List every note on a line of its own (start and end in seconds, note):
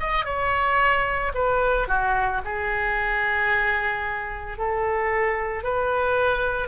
0.00 0.25 D#5
0.25 1.32 C#5
1.34 1.88 B4
1.88 2.42 F#4
2.45 4.58 G#4
4.58 5.64 A4
5.64 6.68 B4